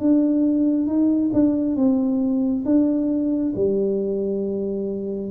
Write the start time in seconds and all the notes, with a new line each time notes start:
0.00 D4
0.87 D#4
1.34 D4
1.76 C4
2.66 D4
3.56 G3